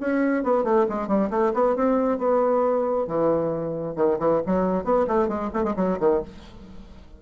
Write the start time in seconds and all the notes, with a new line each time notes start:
0.00 C#4
0.43 B3
0.64 A3
0.89 G#3
1.07 G3
1.30 A3
1.53 B3
1.75 C4
2.18 B3
3.06 E3
3.95 D#3
4.19 E3
4.46 F#3
4.84 B3
5.07 A3
5.28 G#3
5.53 A3
5.63 G#3
5.76 F#3
6.00 D#3